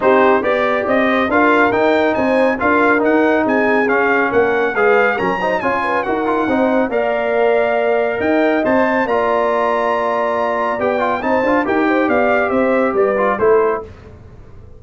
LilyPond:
<<
  \new Staff \with { instrumentName = "trumpet" } { \time 4/4 \tempo 4 = 139 c''4 d''4 dis''4 f''4 | g''4 gis''4 f''4 fis''4 | gis''4 f''4 fis''4 f''4 | ais''4 gis''4 fis''2 |
f''2. g''4 | a''4 ais''2.~ | ais''4 g''4 a''4 g''4 | f''4 e''4 d''4 c''4 | }
  \new Staff \with { instrumentName = "horn" } { \time 4/4 g'4 d''4. c''8 ais'4~ | ais'4 c''4 ais'2 | gis'2 ais'4 b'4 | ais'8 c''8 cis''8 b'8 ais'4 c''4 |
d''2. dis''4~ | dis''4 d''2.~ | d''2 c''4 ais'8 c''8 | d''4 c''4 b'4 a'4 | }
  \new Staff \with { instrumentName = "trombone" } { \time 4/4 dis'4 g'2 f'4 | dis'2 f'4 dis'4~ | dis'4 cis'2 gis'4 | cis'8 dis'8 f'4 fis'8 f'8 dis'4 |
ais'1 | c''4 f'2.~ | f'4 g'8 f'8 dis'8 f'8 g'4~ | g'2~ g'8 f'8 e'4 | }
  \new Staff \with { instrumentName = "tuba" } { \time 4/4 c'4 b4 c'4 d'4 | dis'4 c'4 d'4 dis'4 | c'4 cis'4 ais4 gis4 | fis4 cis'4 dis'4 c'4 |
ais2. dis'4 | c'4 ais2.~ | ais4 b4 c'8 d'8 dis'4 | b4 c'4 g4 a4 | }
>>